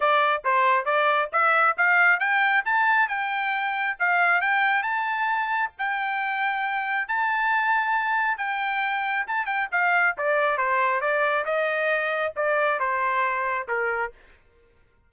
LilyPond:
\new Staff \with { instrumentName = "trumpet" } { \time 4/4 \tempo 4 = 136 d''4 c''4 d''4 e''4 | f''4 g''4 a''4 g''4~ | g''4 f''4 g''4 a''4~ | a''4 g''2. |
a''2. g''4~ | g''4 a''8 g''8 f''4 d''4 | c''4 d''4 dis''2 | d''4 c''2 ais'4 | }